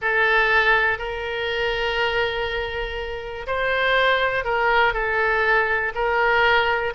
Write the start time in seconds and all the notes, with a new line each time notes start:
0.01 A4
0.98 A#4
3.47 C5
4.44 A#4
4.93 A4
5.94 A#4